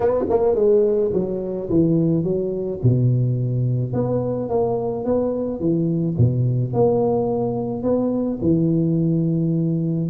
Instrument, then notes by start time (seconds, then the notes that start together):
tuba
0.00 B3
0.29 A#3
0.55 G#3
1.13 F#3
1.69 E3
2.23 F#3
2.83 B2
3.93 B3
4.49 A#3
5.04 B3
5.59 E3
6.17 B2
6.73 A#3
7.82 B3
8.41 E3